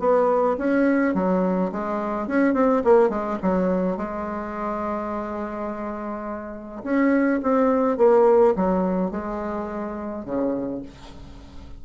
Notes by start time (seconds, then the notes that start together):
0.00 B3
0.58 C#4
1.15 F#3
1.72 G#3
2.28 C#4
2.54 C4
2.84 A#3
3.10 G#3
3.43 F#3
3.97 G#3
6.84 C#4
7.43 C4
7.98 A#3
8.56 F#3
9.11 G#3
10.26 C#3